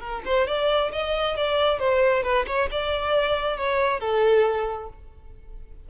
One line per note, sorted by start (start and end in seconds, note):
0.00 0.22 A#4
0.25 0.47 C5
0.47 0.91 D5
0.92 1.36 D#5
1.37 1.79 D5
1.79 2.23 C5
2.23 2.45 B4
2.46 2.69 C#5
2.71 3.57 D5
3.57 4.00 C#5
4.00 4.88 A4